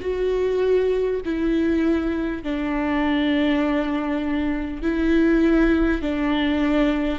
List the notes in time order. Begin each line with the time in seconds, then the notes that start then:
0.00 F#4
1.24 E4
2.43 D4
4.82 E4
6.02 D4